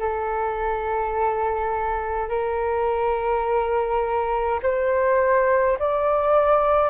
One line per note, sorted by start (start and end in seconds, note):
0.00 2.30 A4
2.30 4.60 A#4
4.63 5.78 C5
5.80 6.90 D5